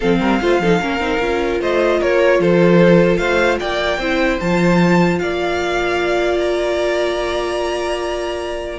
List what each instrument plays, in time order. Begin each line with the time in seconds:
0.00 cello F3, viola C4, violin A4 F5
0.19 cello G3, violin A#4
0.41 cello A3, viola F4, violin C5
0.59 cello F3, viola D#4, violin A4
0.81 cello A#3, viola C#4, violin A#4
1.00 cello C4, viola D#4
1.20 cello C#4, viola F4
1.60 cello A3, violin C5 D#5
1.99 cello A#3, violin A#4 C#5
2.39 cello F3, violin A4 C5
3.17 cello A3, violin C5 F5
3.59 cello A#3, violin D5 G5
3.98 cello C4, viola E4, violin C5
4.40 cello F3, viola F4, violin A5
5.18 cello A#3, violin D5 F5
6.40 violin A#5